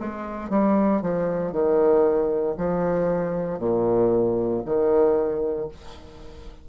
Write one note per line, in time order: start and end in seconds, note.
0.00 0.49 G#3
0.49 1.01 G3
1.02 1.52 F3
1.52 2.55 D#3
2.57 3.59 F3
3.59 4.62 A#2
4.65 5.68 D#3